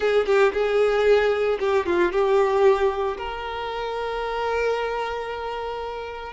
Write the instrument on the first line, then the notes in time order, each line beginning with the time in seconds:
violin
0.00 G#4
0.26 G4
0.53 G#4
1.59 G4
1.85 F4
2.12 G4
3.17 A#4